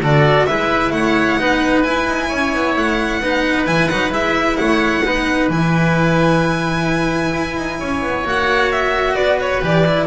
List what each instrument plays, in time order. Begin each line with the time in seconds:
0.00 double bass D3, cello F#4, oboe A4, violin D5
0.46 double bass G#3, cello E4, oboe B4, violin E5
0.91 double bass A3, oboe C#5, violin F#5
1.38 double bass B3, cello D#4, oboe B4
1.82 cello E4, double bass E4, violin G#5
2.07 double bass D#4
2.28 double bass C#4, oboe C#5
2.54 double bass B3
2.76 double bass A3, violin F#5
3.21 double bass B3, cello D#4, oboe B4
3.66 double bass E3, cello E4, violin G#5
3.88 double bass F#3, cello D#4, violin F#5
4.10 double bass G#3, cello E4, violin E5
4.57 double bass A3, oboe C#5, violin F#5
5.05 double bass B3, cello D#4, oboe B4
5.49 double bass E3, cello E4, violin G#5
7.34 double bass E4
7.57 double bass D#4
7.79 double bass C#4, oboe C#5
8.02 double bass B3
8.24 double bass A#3, cello F#4, violin F#5
8.72 violin E5
9.14 double bass B3, oboe B4, violin D5
9.40 violin C#5
9.61 double bass E3, cello G4, violin D5
9.86 cello E4